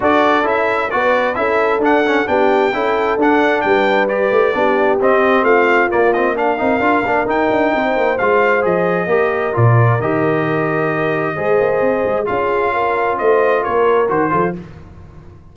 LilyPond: <<
  \new Staff \with { instrumentName = "trumpet" } { \time 4/4 \tempo 4 = 132 d''4 e''4 d''4 e''4 | fis''4 g''2 fis''4 | g''4 d''2 dis''4 | f''4 d''8 dis''8 f''2 |
g''2 f''4 dis''4~ | dis''4 d''4 dis''2~ | dis''2. f''4~ | f''4 dis''4 cis''4 c''4 | }
  \new Staff \with { instrumentName = "horn" } { \time 4/4 a'2 b'4 a'4~ | a'4 g'4 a'2 | b'2 g'2 | f'2 ais'2~ |
ais'4 c''2. | ais'1~ | ais'4 c''2 gis'4 | ais'4 c''4 ais'4. a'8 | }
  \new Staff \with { instrumentName = "trombone" } { \time 4/4 fis'4 e'4 fis'4 e'4 | d'8 cis'8 d'4 e'4 d'4~ | d'4 g'4 d'4 c'4~ | c'4 ais8 c'8 d'8 dis'8 f'8 d'8 |
dis'2 f'4 gis'4 | g'4 f'4 g'2~ | g'4 gis'2 f'4~ | f'2. fis'8 f'8 | }
  \new Staff \with { instrumentName = "tuba" } { \time 4/4 d'4 cis'4 b4 cis'4 | d'4 b4 cis'4 d'4 | g4. a8 b4 c'4 | a4 ais4. c'8 d'8 ais8 |
dis'8 d'8 c'8 ais8 gis4 f4 | ais4 ais,4 dis2~ | dis4 gis8 ais8 c'8 gis8 cis'4~ | cis'4 a4 ais4 dis8 f8 | }
>>